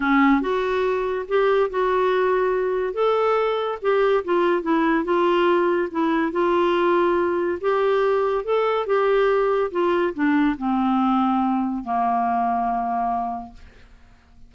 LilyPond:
\new Staff \with { instrumentName = "clarinet" } { \time 4/4 \tempo 4 = 142 cis'4 fis'2 g'4 | fis'2. a'4~ | a'4 g'4 f'4 e'4 | f'2 e'4 f'4~ |
f'2 g'2 | a'4 g'2 f'4 | d'4 c'2. | ais1 | }